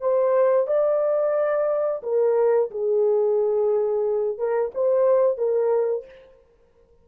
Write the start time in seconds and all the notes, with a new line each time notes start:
0.00 C5
0.67 D5
2.03 A#4
2.70 G#4
4.38 A#4
4.74 C5
5.37 A#4